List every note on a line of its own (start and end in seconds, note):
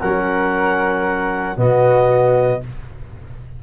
0.00 1.57 F#3
0.00 1.56 C#4
0.00 1.55 A#4
0.00 1.57 F#5
1.55 2.61 B2
1.55 2.60 B3
1.55 2.60 F#4
1.55 2.62 D#5